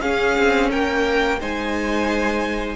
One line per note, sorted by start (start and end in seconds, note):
0.00 1.38 C#4
0.00 0.38 C#4
0.00 0.70 G#4
0.00 0.69 F5
0.38 0.72 C4
0.70 1.41 A#3
0.70 1.39 A#4
0.70 1.40 G5
1.40 2.75 G#3
1.40 2.75 D#4
1.40 2.75 C5
1.40 2.75 G#5